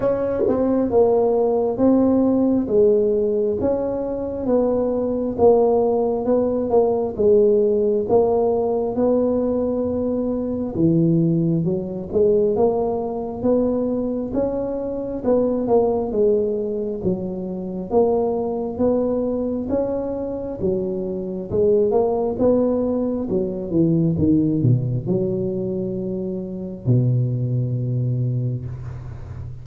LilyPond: \new Staff \with { instrumentName = "tuba" } { \time 4/4 \tempo 4 = 67 cis'8 c'8 ais4 c'4 gis4 | cis'4 b4 ais4 b8 ais8 | gis4 ais4 b2 | e4 fis8 gis8 ais4 b4 |
cis'4 b8 ais8 gis4 fis4 | ais4 b4 cis'4 fis4 | gis8 ais8 b4 fis8 e8 dis8 b,8 | fis2 b,2 | }